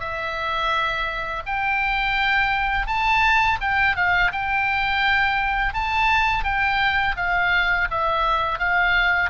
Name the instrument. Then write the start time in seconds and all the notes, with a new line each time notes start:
oboe
0.00 E5
1.46 G5
2.87 A5
3.61 G5
3.96 F5
4.32 G5
5.73 A5
6.44 G5
7.17 F5
7.91 E5
8.59 F5